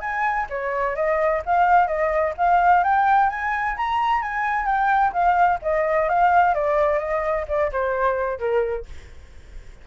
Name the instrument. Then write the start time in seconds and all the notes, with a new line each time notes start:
flute
0.00 G#5
0.49 C#5
0.95 D#5
1.45 F5
1.87 D#5
2.37 F5
2.84 G5
3.29 G#5
3.77 A#5
4.22 G#5
4.65 G5
5.12 F5
5.62 D#5
6.08 F5
6.54 D5
6.99 D#5
7.48 D5
7.72 C5
8.39 A#4